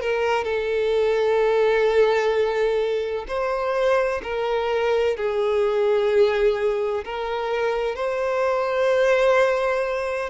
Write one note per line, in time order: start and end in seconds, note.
0.00 0.44 A#4
0.44 3.25 A4
3.27 4.21 C5
4.23 5.16 A#4
5.16 7.04 G#4
7.04 7.95 A#4
7.95 10.29 C5